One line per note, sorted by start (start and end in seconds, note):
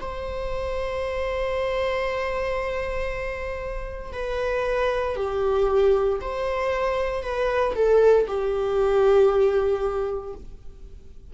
0.00 4.12 C5
4.12 5.16 B4
5.16 6.19 G4
6.21 7.23 C5
7.23 7.74 B4
7.75 8.27 A4
8.27 10.34 G4